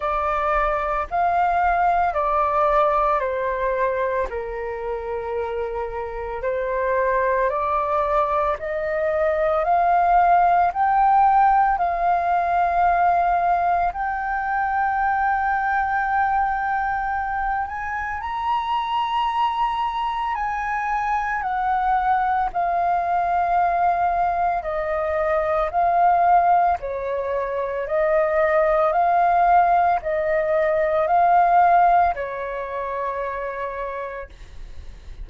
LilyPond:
\new Staff \with { instrumentName = "flute" } { \time 4/4 \tempo 4 = 56 d''4 f''4 d''4 c''4 | ais'2 c''4 d''4 | dis''4 f''4 g''4 f''4~ | f''4 g''2.~ |
g''8 gis''8 ais''2 gis''4 | fis''4 f''2 dis''4 | f''4 cis''4 dis''4 f''4 | dis''4 f''4 cis''2 | }